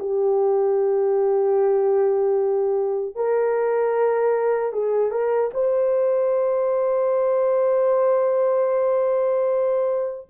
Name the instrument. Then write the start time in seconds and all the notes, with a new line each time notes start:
horn
0.00 G4
3.16 A#4
4.73 G#4
5.11 A#4
5.54 C5